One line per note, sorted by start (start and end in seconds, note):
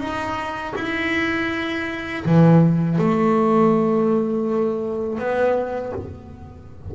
0.00 0.74 D#4
0.76 2.25 E4
2.26 2.99 E3
2.99 5.19 A3
5.19 5.93 B3